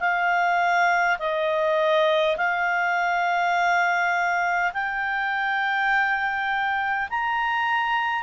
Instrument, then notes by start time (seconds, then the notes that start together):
clarinet
0.00 F5
1.19 D#5
2.37 F5
4.74 G5
7.10 A#5